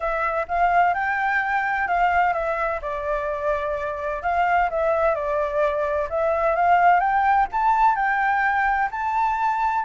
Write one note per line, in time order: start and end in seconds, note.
0.00 0.46 E5
0.48 0.94 F5
0.94 1.87 G5
1.87 2.33 F5
2.33 2.80 E5
2.81 4.22 D5
4.22 4.69 F5
4.70 5.14 E5
5.14 6.08 D5
6.09 6.55 E5
6.55 7.00 F5
7.00 7.46 G5
7.51 7.95 A5
7.95 8.89 G5
8.91 9.84 A5